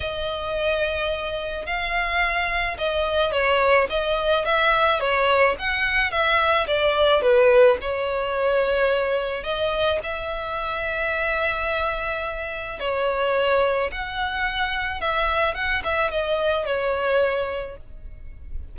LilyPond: \new Staff \with { instrumentName = "violin" } { \time 4/4 \tempo 4 = 108 dis''2. f''4~ | f''4 dis''4 cis''4 dis''4 | e''4 cis''4 fis''4 e''4 | d''4 b'4 cis''2~ |
cis''4 dis''4 e''2~ | e''2. cis''4~ | cis''4 fis''2 e''4 | fis''8 e''8 dis''4 cis''2 | }